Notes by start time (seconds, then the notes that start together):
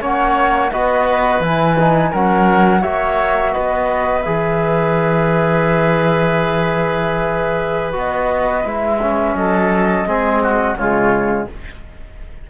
0.00 A#3 C#4 C#5 F#5
0.71 B3 F#4 B4 D#5
1.39 E3 E4 G#5
1.79 D#4
2.10 F#3 C#4 A#4 F#5
2.80 A#3 F#4 C#5 E5
3.53 B3 B4 D#5
4.22 E3 G#4 E5
7.92 B3 F#4 D#5
8.64 G#3 E4 E5
9.01 C#4
9.34 F#3 A4 D#5
10.06 G#3 C4 G#4
10.42 F#4
10.75 C#3 G#3 F4 C#5